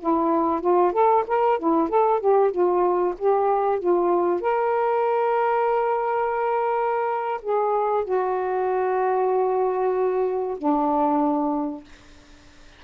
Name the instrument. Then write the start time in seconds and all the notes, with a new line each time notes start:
saxophone
0.00 E4
0.61 F4
0.93 A4
1.27 A#4
1.59 E4
1.89 A4
2.20 G4
2.51 F4
3.19 G4
3.80 F4
4.41 A#4
7.42 G#4
8.05 F#4
10.58 D4